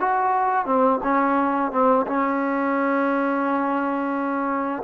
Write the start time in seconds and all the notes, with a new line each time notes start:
0.00 F#4
0.66 C4
1.03 C#4
1.71 C4
2.07 C#4